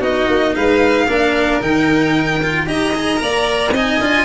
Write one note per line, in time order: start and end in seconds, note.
0.00 0.27 B3
0.00 1.07 D#4
0.00 0.53 F#4
0.00 0.55 D#5
0.28 0.55 A#3
0.55 1.08 G#3
0.55 1.07 B4
0.55 1.62 F5
1.07 1.61 A#3
1.07 1.61 D4
1.07 2.66 A#4
1.61 2.67 D#3
1.61 2.41 D#4
1.61 2.68 G5
2.43 2.66 F4
2.66 3.20 D#4
2.66 2.93 G4
2.66 3.21 D#5
2.66 3.74 A#5
2.95 3.17 G#4
3.17 3.71 A#3
3.17 3.70 A#4
3.17 3.73 D5
3.71 3.98 C4
3.71 4.01 D#4
3.71 4.25 D#5
3.71 4.25 G#5
4.00 4.25 D4
4.00 4.25 F4